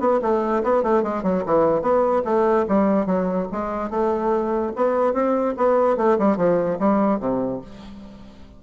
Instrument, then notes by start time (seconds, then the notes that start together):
bassoon
0.00 B3
0.22 A3
0.64 B3
0.83 A3
1.03 G#3
1.23 F#3
1.46 E3
1.82 B3
2.25 A3
2.68 G3
3.07 F#3
3.52 G#3
3.90 A3
4.76 B3
5.14 C4
5.57 B3
5.97 A3
6.19 G3
6.37 F3
6.80 G3
7.20 C3